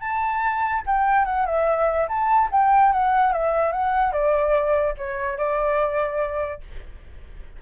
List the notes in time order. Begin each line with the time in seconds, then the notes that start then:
0.00 A5
0.86 G5
1.25 F#5
1.46 E5
2.08 A5
2.51 G5
2.92 F#5
3.33 E5
3.72 F#5
4.12 D5
4.97 C#5
5.37 D5